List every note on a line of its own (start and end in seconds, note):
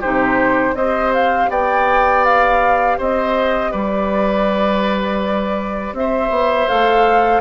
0.00 0.74 C3
0.00 0.75 D#4
0.00 0.74 G4
0.00 0.75 C5
0.74 1.48 C4
0.74 6.67 G4
0.74 1.50 C5
0.74 1.12 D#5
1.13 1.50 F5
1.49 2.97 B3
1.49 2.98 D5
1.49 2.25 G5
2.25 2.99 F5
2.98 3.73 C4
2.98 3.71 C5
2.98 3.72 D#5
3.71 5.93 G3
3.71 5.94 B4
3.71 5.94 D5
5.93 6.30 C4
5.93 7.40 C5
5.93 6.68 E5
6.30 6.67 B3
6.68 7.40 A3
6.68 7.40 A4
6.68 7.40 F5